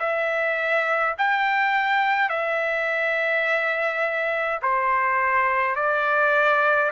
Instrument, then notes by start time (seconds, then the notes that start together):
trumpet
0.00 E5
1.19 G5
2.30 E5
4.63 C5
5.76 D5